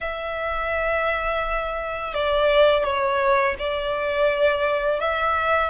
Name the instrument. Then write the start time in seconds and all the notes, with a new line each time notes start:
violin
0.00 E5
2.14 D5
2.83 C#5
3.58 D5
4.99 E5